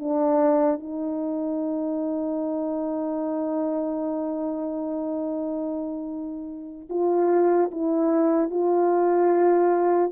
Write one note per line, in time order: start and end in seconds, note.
0.00 0.80 D4
0.80 6.88 D#4
6.90 7.71 F4
7.71 8.51 E4
8.51 10.12 F4